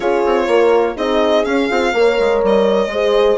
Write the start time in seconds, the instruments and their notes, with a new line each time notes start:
0.00 bassoon C#4, horn F4 G#4, violin C#5
0.26 bassoon C4
0.47 bassoon A#3, horn A#4
0.96 bassoon C4, horn D#4 G#4, violin D#5
1.45 bassoon C#4, horn C#4, violin F5
1.70 bassoon C4, horn F4
1.93 bassoon A#3, horn A#4 C#5
2.19 bassoon G#3
2.43 bassoon G3, violin D#5
2.86 bassoon G#3, horn G#4 C5